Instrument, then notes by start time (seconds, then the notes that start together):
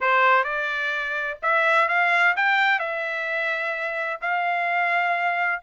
trumpet
0.00 C5
0.44 D5
1.42 E5
1.88 F5
2.36 G5
2.79 E5
4.21 F5